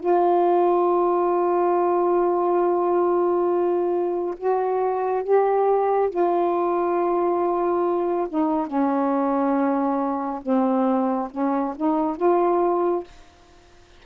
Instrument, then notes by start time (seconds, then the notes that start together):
saxophone
0.00 F4
4.37 F#4
5.24 G4
6.10 F4
8.29 D#4
8.67 C#4
10.43 C4
11.32 C#4
11.76 D#4
12.17 F4